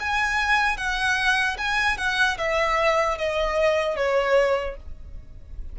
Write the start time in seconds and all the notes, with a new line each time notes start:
0.00 G#5
0.77 F#5
1.58 G#5
1.97 F#5
2.38 E5
3.18 D#5
3.96 C#5